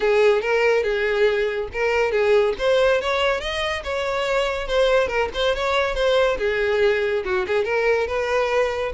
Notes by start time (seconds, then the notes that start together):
0.00 G#4
0.41 A#4
0.83 G#4
1.72 A#4
2.11 G#4
2.58 C5
3.01 C#5
3.40 D#5
3.83 C#5
4.67 C5
5.07 A#4
5.34 C5
5.55 C#5
5.95 C5
6.38 G#4
7.24 F#4
7.47 G#4
7.64 A#4
8.07 B4